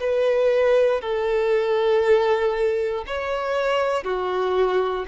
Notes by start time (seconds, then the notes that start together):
0.00 B4
1.01 A4
3.06 C#5
4.04 F#4